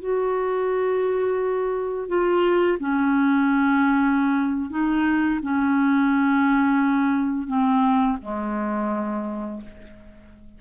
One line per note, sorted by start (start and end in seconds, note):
0.00 2.08 F#4
2.08 2.78 F4
2.80 4.70 C#4
4.70 5.40 D#4
5.43 7.47 C#4
7.47 8.17 C4
8.22 9.61 G#3